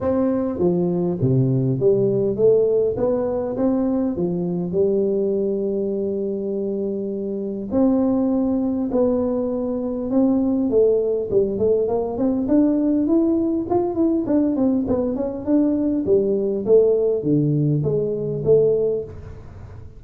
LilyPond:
\new Staff \with { instrumentName = "tuba" } { \time 4/4 \tempo 4 = 101 c'4 f4 c4 g4 | a4 b4 c'4 f4 | g1~ | g4 c'2 b4~ |
b4 c'4 a4 g8 a8 | ais8 c'8 d'4 e'4 f'8 e'8 | d'8 c'8 b8 cis'8 d'4 g4 | a4 d4 gis4 a4 | }